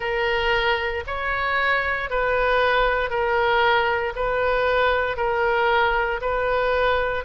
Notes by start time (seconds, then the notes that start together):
0.00 A#4
1.06 C#5
2.10 B4
3.09 A#4
4.15 B4
5.17 A#4
6.21 B4